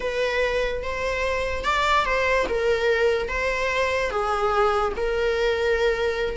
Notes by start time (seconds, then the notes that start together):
0.00 B4
0.82 C5
1.64 D5
2.05 C5
2.48 A#4
3.28 C5
4.10 G#4
4.96 A#4